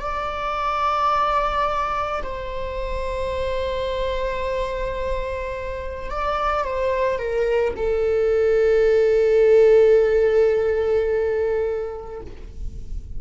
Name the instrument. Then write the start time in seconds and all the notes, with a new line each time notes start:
viola
0.00 D5
2.22 C5
6.10 D5
6.64 C5
7.18 A#4
7.76 A4